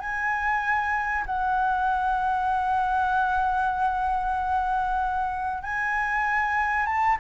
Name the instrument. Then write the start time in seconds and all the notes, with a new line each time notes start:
flute
0.00 G#5
1.26 F#5
5.63 G#5
6.86 A5